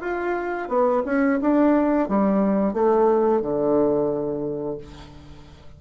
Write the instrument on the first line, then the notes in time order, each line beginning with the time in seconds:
bassoon
0.00 F4
0.68 B3
1.05 C#4
1.41 D4
2.08 G3
2.73 A3
3.41 D3